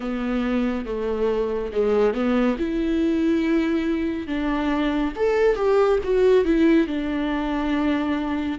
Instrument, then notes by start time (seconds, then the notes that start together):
viola
0.00 B3
0.85 A3
1.71 G#3
2.14 B3
2.58 E4
4.27 D4
5.15 A4
5.55 G4
6.03 F#4
6.44 E4
6.87 D4